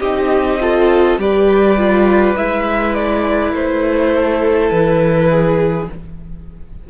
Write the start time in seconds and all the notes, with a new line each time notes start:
0.00 C4 D#4 G4 D#5
0.61 F4 A4
1.18 G3 G4 B4 D5
1.78 F4
2.37 G#3 E4 E5
2.94 D5
3.53 A3 C5
4.14 A4
4.71 E3 B4
5.31 G#4